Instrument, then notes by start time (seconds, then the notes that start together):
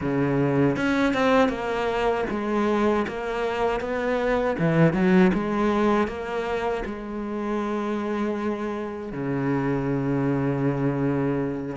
cello
0.01 C#3
0.76 C#4
1.13 C4
1.48 A#3
2.30 G#3
3.07 A#3
3.80 B3
4.58 E3
4.93 F#3
5.33 G#3
6.07 A#3
6.85 G#3
9.12 C#3